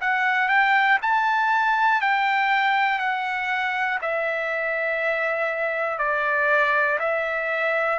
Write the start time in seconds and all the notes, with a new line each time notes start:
0.00 F#5
0.48 G5
1.02 A5
2.00 G5
2.98 F#5
4.01 E5
5.98 D5
6.99 E5